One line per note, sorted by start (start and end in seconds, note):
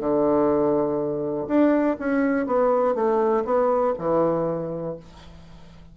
0.00 1.48 D3
1.48 1.97 D4
2.00 2.47 C#4
2.47 2.95 B3
2.95 3.44 A3
3.45 3.94 B3
3.99 4.97 E3